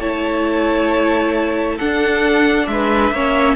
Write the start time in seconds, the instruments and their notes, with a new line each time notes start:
0.00 cello A3, viola E4, violin C#5 A5
1.76 viola D4, cello D4, violin A4 F#5
2.67 cello G#3, violin B4 E5
3.11 cello A#3, viola C#4, violin C#5